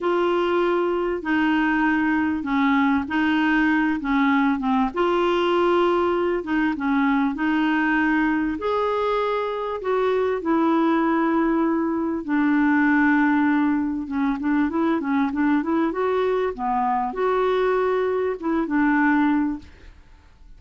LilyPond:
\new Staff \with { instrumentName = "clarinet" } { \time 4/4 \tempo 4 = 98 f'2 dis'2 | cis'4 dis'4. cis'4 c'8 | f'2~ f'8 dis'8 cis'4 | dis'2 gis'2 |
fis'4 e'2. | d'2. cis'8 d'8 | e'8 cis'8 d'8 e'8 fis'4 b4 | fis'2 e'8 d'4. | }